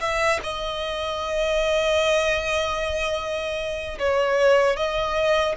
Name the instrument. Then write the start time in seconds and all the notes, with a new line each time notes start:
violin
0.00 E5
0.43 D#5
3.98 C#5
4.76 D#5